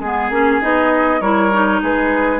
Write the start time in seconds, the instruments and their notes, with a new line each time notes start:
0.00 bassoon G#3, clarinet B3, flute G#4, oboe G#4
0.30 bassoon A#3, clarinet C#4
0.61 bassoon B3, clarinet D#4, flute D#5
1.21 bassoon G3, clarinet E4, oboe A#4, flute C#5
1.53 clarinet D#4
1.82 bassoon G#3, oboe G#4, flute B4